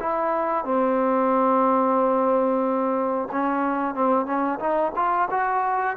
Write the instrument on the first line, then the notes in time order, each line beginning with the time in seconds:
trombone
0.00 E4
0.65 C4
3.32 C#4
3.95 C4
4.26 C#4
4.59 D#4
4.96 F4
5.31 F#4